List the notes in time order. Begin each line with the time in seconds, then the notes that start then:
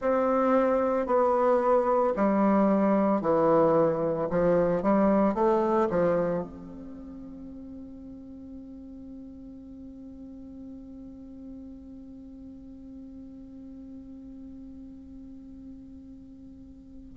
0.01 C4
1.06 B3
2.15 G3
3.21 E3
4.30 F3
4.82 G3
5.34 A3
5.90 F3
6.42 C4